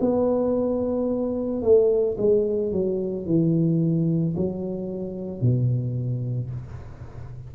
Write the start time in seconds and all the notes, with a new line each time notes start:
0.00 B3
1.62 A3
2.17 G#3
2.72 F#3
3.26 E3
4.36 F#3
5.41 B2